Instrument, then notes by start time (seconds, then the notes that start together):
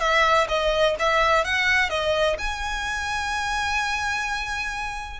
violin
0.00 E5
0.48 D#5
0.99 E5
1.45 F#5
1.90 D#5
2.38 G#5